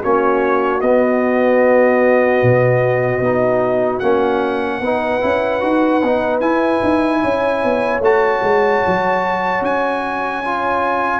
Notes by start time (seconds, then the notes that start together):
0.00 A#3 C#4 F#4 C#5
0.81 B3 D#5
2.43 B2
3.20 B3 D#4
3.99 A#3 C#4 F#5
4.81 B3 D#4 B4
5.20 C#4 E4
5.60 D#4 F#4
6.02 B3 D#4
6.40 E4 G#5
6.83 D#4
7.21 C#4 C#5
7.63 B3
8.00 A3 F#4 A5
8.42 G#3
8.86 F#3
9.61 C#4 G#5
10.45 F4